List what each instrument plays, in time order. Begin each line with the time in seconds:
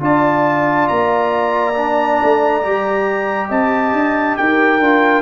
0.00 tuba D4, trombone F4, horn D5, trumpet A5
0.88 tuba A#3, trumpet A#5
1.75 trombone D4
2.23 tuba A3
2.62 tuba G3, trombone G4
3.49 tuba C4, horn D#5, trumpet A5
3.93 tuba D4
4.37 tuba D#4, horn A#4, trumpet G5
4.79 tuba D4, trombone F4